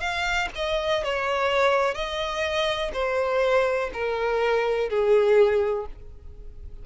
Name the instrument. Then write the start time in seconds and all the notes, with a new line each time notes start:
violin
0.00 F5
0.55 D#5
1.04 C#5
1.95 D#5
2.93 C5
3.94 A#4
4.90 G#4